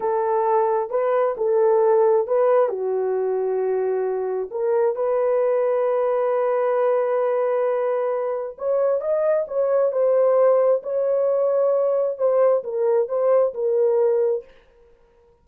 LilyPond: \new Staff \with { instrumentName = "horn" } { \time 4/4 \tempo 4 = 133 a'2 b'4 a'4~ | a'4 b'4 fis'2~ | fis'2 ais'4 b'4~ | b'1~ |
b'2. cis''4 | dis''4 cis''4 c''2 | cis''2. c''4 | ais'4 c''4 ais'2 | }